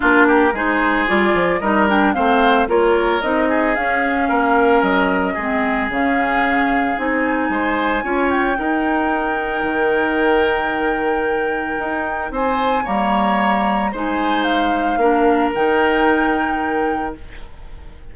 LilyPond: <<
  \new Staff \with { instrumentName = "flute" } { \time 4/4 \tempo 4 = 112 ais'4 c''4 d''4 dis''8 g''8 | f''4 cis''4 dis''4 f''4~ | f''4 dis''2 f''4~ | f''4 gis''2~ gis''8 g''8~ |
g''1~ | g''2. gis''4 | ais''2 gis''4 f''4~ | f''4 g''2. | }
  \new Staff \with { instrumentName = "oboe" } { \time 4/4 f'8 g'8 gis'2 ais'4 | c''4 ais'4. gis'4. | ais'2 gis'2~ | gis'2 c''4 cis''4 |
ais'1~ | ais'2. c''4 | cis''2 c''2 | ais'1 | }
  \new Staff \with { instrumentName = "clarinet" } { \time 4/4 d'4 dis'4 f'4 dis'8 d'8 | c'4 f'4 dis'4 cis'4~ | cis'2 c'4 cis'4~ | cis'4 dis'2 f'4 |
dis'1~ | dis'1 | ais2 dis'2 | d'4 dis'2. | }
  \new Staff \with { instrumentName = "bassoon" } { \time 4/4 ais4 gis4 g8 f8 g4 | a4 ais4 c'4 cis'4 | ais4 fis4 gis4 cis4~ | cis4 c'4 gis4 cis'4 |
dis'2 dis2~ | dis2 dis'4 c'4 | g2 gis2 | ais4 dis2. | }
>>